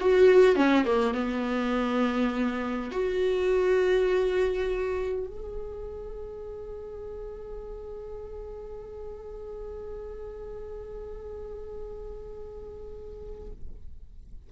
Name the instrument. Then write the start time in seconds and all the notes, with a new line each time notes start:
viola
0.00 F#4
0.56 C#4
0.85 A#3
1.14 B3
2.91 F#4
5.27 G#4